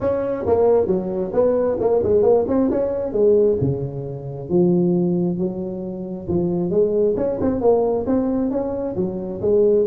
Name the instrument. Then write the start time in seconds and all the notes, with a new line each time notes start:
tuba
0.00 C#4
0.46 A#3
0.86 F#3
1.33 B3
1.80 A#3
2.03 G#3
2.22 A#3
2.48 C4
2.70 C#4
3.12 G#3
3.60 C#3
4.49 F3
5.38 F#3
6.27 F3
6.70 G#3
7.16 C#4
7.40 C4
7.60 A#3
8.06 C4
8.51 C#4
8.96 F#3
9.41 G#3